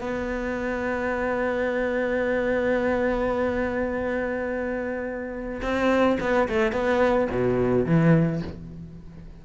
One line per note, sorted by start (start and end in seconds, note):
0.00 5.61 B3
5.62 6.18 C4
6.20 6.48 B3
6.48 6.72 A3
6.72 7.28 B3
7.30 7.86 B2
7.86 8.42 E3